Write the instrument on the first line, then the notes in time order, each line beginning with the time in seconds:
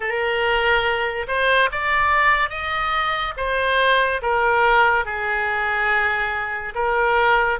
oboe
0.00 A#4
1.27 C5
1.71 D5
2.49 D#5
3.36 C5
4.21 A#4
5.05 G#4
6.74 A#4